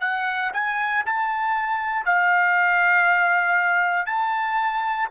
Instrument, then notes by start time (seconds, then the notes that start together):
trumpet
0.00 F#5
0.53 G#5
1.06 A5
2.05 F5
4.06 A5